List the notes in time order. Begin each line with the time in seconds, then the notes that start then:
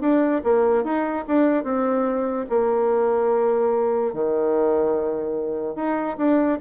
0.00 D4
0.43 A#3
0.83 D#4
1.27 D4
1.63 C4
2.49 A#3
4.13 D#3
5.75 D#4
6.17 D4